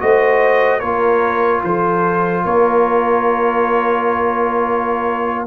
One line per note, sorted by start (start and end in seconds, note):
0.00 0.82 A3
0.00 0.81 F#4
0.00 0.80 C5
0.00 0.80 D#5
0.80 1.63 A#3
0.80 5.46 F4
0.80 1.61 A#4
0.80 1.61 C#5
1.64 2.45 F3
1.64 2.44 A4
1.64 2.45 C5
2.44 5.46 A#3
2.44 5.46 A#4
2.44 5.46 C#5